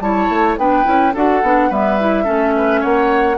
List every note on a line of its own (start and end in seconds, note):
0.00 0.28 G3
0.00 0.58 E4
0.00 0.59 C#5
0.00 0.56 A5
0.29 0.57 A3
0.57 0.85 B3
0.57 0.84 D4
0.57 1.13 B4
0.57 1.14 G5
0.84 1.14 C#4
0.84 1.12 E4
1.13 1.42 D4
1.13 1.43 F#4
1.13 1.69 A4
1.13 1.72 F#5
1.42 1.70 B3
1.42 1.71 D4
1.69 2.26 G3
1.69 1.99 B3
1.69 2.24 B4
1.69 2.83 E5
2.00 2.24 E4
2.24 2.84 A3
2.24 3.36 C#4
2.24 2.52 A4
2.56 2.80 B4
2.80 3.38 A#3
2.80 3.36 C#5
2.80 3.38 F#5